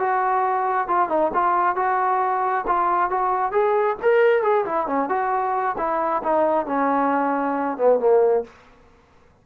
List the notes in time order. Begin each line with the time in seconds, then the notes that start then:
0.00 F#4
0.88 F4
1.09 D#4
1.34 F4
1.76 F#4
2.67 F4
3.11 F#4
3.52 G#4
4.03 A#4
4.43 G#4
4.66 E4
4.87 C#4
5.09 F#4
5.78 E4
6.23 D#4
6.67 C#4
7.78 B3
8.00 A#3